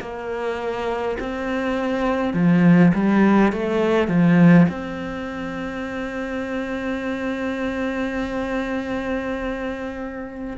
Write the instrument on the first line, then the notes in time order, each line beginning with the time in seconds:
cello
0.00 A#3
1.20 C4
2.34 F3
2.94 G3
3.52 A3
4.08 F3
4.69 C4